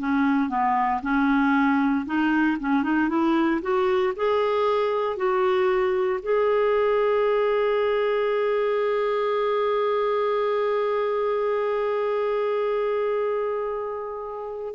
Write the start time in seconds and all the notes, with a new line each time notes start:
0.00 C#4
0.50 B3
1.03 C#4
2.06 D#4
2.61 C#4
2.84 D#4
3.10 E4
3.62 F#4
4.17 G#4
5.17 F#4
6.23 G#4